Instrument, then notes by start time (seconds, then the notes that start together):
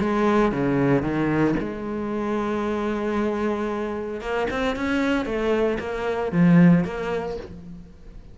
cello
0.00 G#3
0.52 C#3
1.03 D#3
1.60 G#3
4.21 A#3
4.50 C4
4.76 C#4
5.26 A3
5.79 A#3
6.32 F3
6.84 A#3